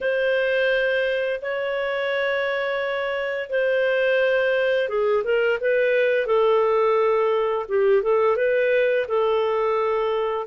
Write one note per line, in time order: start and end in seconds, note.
0.01 1.40 C5
1.41 3.49 C#5
3.49 4.88 C5
4.88 5.23 G#4
5.23 5.58 A#4
5.60 6.26 B4
6.26 7.66 A4
7.68 8.02 G4
8.02 8.36 A4
8.36 9.06 B4
9.07 10.47 A4